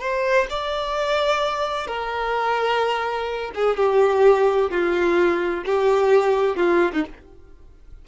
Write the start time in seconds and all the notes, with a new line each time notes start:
0.00 C5
0.49 D5
1.87 A#4
3.54 G#4
3.76 G4
4.70 F4
5.65 G4
6.56 F4
6.93 D#4